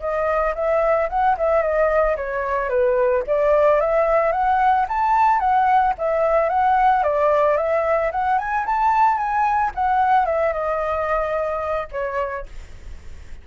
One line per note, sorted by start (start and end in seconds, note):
0.00 0.54 D#5
0.55 1.09 E5
1.09 1.36 F#5
1.37 1.62 E5
1.62 2.16 D#5
2.16 2.69 C#5
2.69 3.23 B4
3.27 3.80 D5
3.80 4.32 E5
4.32 4.86 F#5
4.88 5.40 A5
5.40 5.94 F#5
5.98 6.49 E5
6.49 7.03 F#5
7.03 7.57 D5
7.57 8.11 E5
8.11 8.38 F#5
8.38 8.65 G#5
8.66 9.17 A5
9.17 9.71 G#5
9.75 10.26 F#5
10.26 10.53 E5
10.53 11.88 D#5
11.92 12.46 C#5